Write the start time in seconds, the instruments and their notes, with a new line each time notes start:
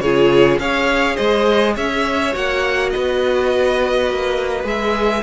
0.00 cello C#3, viola F4, violin G#4 C#5
0.58 cello C#4, viola G#4, violin C#5 F5
1.15 cello G#3, violin C5 D#5
1.74 cello C#4, violin C#5 E5
2.32 cello A#3, viola F#4, violin F#5
2.90 violin B4 D#5
2.96 cello B3
4.10 cello A#3
4.64 cello G#3, viola G#4, violin E5